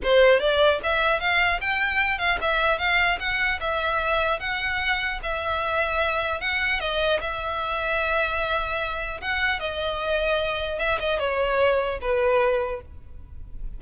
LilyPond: \new Staff \with { instrumentName = "violin" } { \time 4/4 \tempo 4 = 150 c''4 d''4 e''4 f''4 | g''4. f''8 e''4 f''4 | fis''4 e''2 fis''4~ | fis''4 e''2. |
fis''4 dis''4 e''2~ | e''2. fis''4 | dis''2. e''8 dis''8 | cis''2 b'2 | }